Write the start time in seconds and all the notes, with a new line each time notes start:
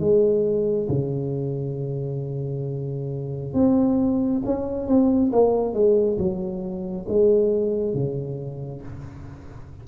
0.00 G#3
0.89 C#3
3.54 C4
4.46 C#4
4.88 C4
5.33 A#3
5.74 G#3
6.18 F#3
7.09 G#3
7.94 C#3